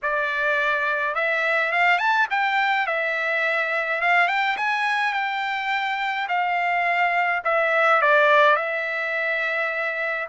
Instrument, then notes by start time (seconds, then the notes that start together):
trumpet
0.02 D5
1.14 E5
1.71 F5
1.98 A5
2.30 G5
2.86 E5
4.01 F5
4.28 G5
4.56 G#5
5.13 G5
6.28 F5
7.44 E5
8.01 D5
8.56 E5